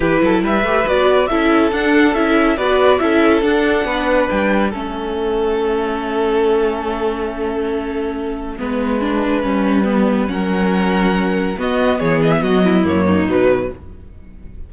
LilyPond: <<
  \new Staff \with { instrumentName = "violin" } { \time 4/4 \tempo 4 = 140 b'4 e''4 d''4 e''4 | fis''4 e''4 d''4 e''4 | fis''2 g''4 e''4~ | e''1~ |
e''1~ | e''1 | fis''2. dis''4 | cis''8 dis''16 e''16 dis''4 cis''4 b'4 | }
  \new Staff \with { instrumentName = "violin" } { \time 4/4 g'8 a'8 b'2 a'4~ | a'2 b'4 a'4~ | a'4 b'2 a'4~ | a'1~ |
a'1 | b'1 | ais'2. fis'4 | gis'4 fis'8 e'4 dis'4. | }
  \new Staff \with { instrumentName = "viola" } { \time 4/4 e'4. g'8 fis'4 e'4 | d'4 e'4 fis'4 e'4 | d'2. cis'4~ | cis'1~ |
cis'1 | b4 d'4 cis'4 b4 | cis'2. b4~ | b2 ais4 fis4 | }
  \new Staff \with { instrumentName = "cello" } { \time 4/4 e8 fis8 g8 a8 b4 cis'4 | d'4 cis'4 b4 cis'4 | d'4 b4 g4 a4~ | a1~ |
a1 | gis2 g2 | fis2. b4 | e4 fis4 fis,4 b,4 | }
>>